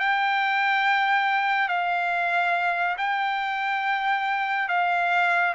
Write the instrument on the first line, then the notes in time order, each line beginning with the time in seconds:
trumpet
0.00 G5
1.69 F5
2.98 G5
4.69 F5